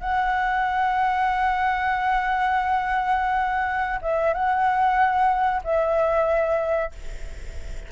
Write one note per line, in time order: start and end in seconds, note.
0.00 3.99 F#5
4.02 4.33 E5
4.33 5.61 F#5
5.64 6.91 E5